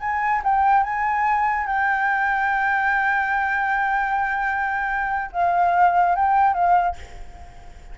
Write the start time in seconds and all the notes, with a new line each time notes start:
0.00 G#5
0.44 G5
0.83 G#5
1.67 G5
5.32 F5
6.16 G5
6.54 F5